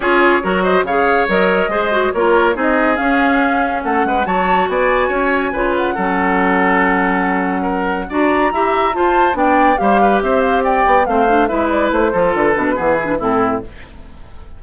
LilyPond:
<<
  \new Staff \with { instrumentName = "flute" } { \time 4/4 \tempo 4 = 141 cis''4. dis''8 f''4 dis''4~ | dis''4 cis''4 dis''4 f''4~ | f''4 fis''4 a''4 gis''4~ | gis''4. fis''2~ fis''8~ |
fis''2. ais''4~ | ais''4 a''4 g''4 f''4 | e''8 f''8 g''4 f''4 e''8 d''8 | c''4 b'2 a'4 | }
  \new Staff \with { instrumentName = "oboe" } { \time 4/4 gis'4 ais'8 c''8 cis''2 | c''4 ais'4 gis'2~ | gis'4 a'8 b'8 cis''4 d''4 | cis''4 b'4 a'2~ |
a'2 ais'4 d''4 | e''4 c''4 d''4 c''8 b'8 | c''4 d''4 c''4 b'4~ | b'8 a'4. gis'4 e'4 | }
  \new Staff \with { instrumentName = "clarinet" } { \time 4/4 f'4 fis'4 gis'4 ais'4 | gis'8 fis'8 f'4 dis'4 cis'4~ | cis'2 fis'2~ | fis'4 f'4 cis'2~ |
cis'2. fis'4 | g'4 f'4 d'4 g'4~ | g'2 c'8 d'8 e'4~ | e'8 f'4 d'8 b8 e'16 d'16 c'4 | }
  \new Staff \with { instrumentName = "bassoon" } { \time 4/4 cis'4 fis4 cis4 fis4 | gis4 ais4 c'4 cis'4~ | cis'4 a8 gis8 fis4 b4 | cis'4 cis4 fis2~ |
fis2. d'4 | e'4 f'4 b4 g4 | c'4. b8 a4 gis4 | a8 f8 d8 b,8 e4 a,4 | }
>>